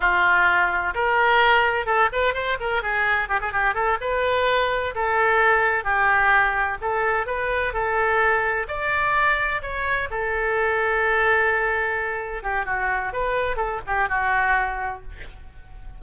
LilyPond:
\new Staff \with { instrumentName = "oboe" } { \time 4/4 \tempo 4 = 128 f'2 ais'2 | a'8 b'8 c''8 ais'8 gis'4 g'16 gis'16 g'8 | a'8 b'2 a'4.~ | a'8 g'2 a'4 b'8~ |
b'8 a'2 d''4.~ | d''8 cis''4 a'2~ a'8~ | a'2~ a'8 g'8 fis'4 | b'4 a'8 g'8 fis'2 | }